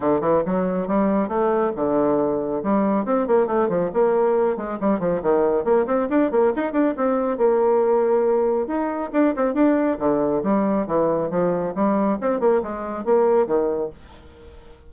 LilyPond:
\new Staff \with { instrumentName = "bassoon" } { \time 4/4 \tempo 4 = 138 d8 e8 fis4 g4 a4 | d2 g4 c'8 ais8 | a8 f8 ais4. gis8 g8 f8 | dis4 ais8 c'8 d'8 ais8 dis'8 d'8 |
c'4 ais2. | dis'4 d'8 c'8 d'4 d4 | g4 e4 f4 g4 | c'8 ais8 gis4 ais4 dis4 | }